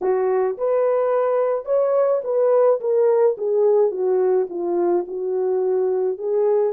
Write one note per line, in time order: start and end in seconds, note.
0.01 0.57 F#4
0.57 1.65 B4
1.65 2.21 C#5
2.24 2.80 B4
2.80 3.36 A#4
3.37 3.91 G#4
3.91 4.47 F#4
4.49 5.05 F4
5.07 6.17 F#4
6.17 6.73 G#4